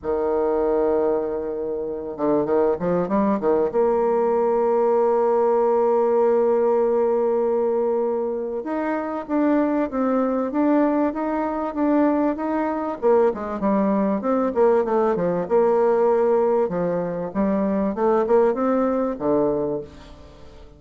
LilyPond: \new Staff \with { instrumentName = "bassoon" } { \time 4/4 \tempo 4 = 97 dis2.~ dis8 d8 | dis8 f8 g8 dis8 ais2~ | ais1~ | ais2 dis'4 d'4 |
c'4 d'4 dis'4 d'4 | dis'4 ais8 gis8 g4 c'8 ais8 | a8 f8 ais2 f4 | g4 a8 ais8 c'4 d4 | }